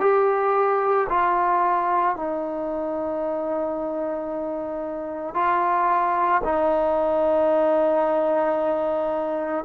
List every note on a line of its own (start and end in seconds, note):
0.00 1.07 G4
1.10 2.16 F4
2.16 5.35 D#4
5.35 6.42 F4
6.44 9.65 D#4